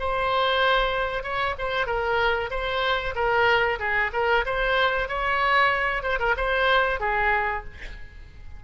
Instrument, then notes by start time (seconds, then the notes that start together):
oboe
0.00 C5
1.24 C#5
1.59 C5
1.87 A#4
2.51 C5
3.15 A#4
3.80 G#4
4.13 A#4
4.46 C5
5.09 C#5
6.03 C5
6.20 A#4
6.37 C5
7.00 G#4